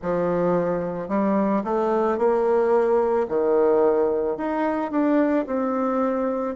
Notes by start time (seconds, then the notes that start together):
0.01 F3
1.08 G3
1.64 A3
2.18 A#3
3.28 D#3
4.37 D#4
4.91 D4
5.46 C4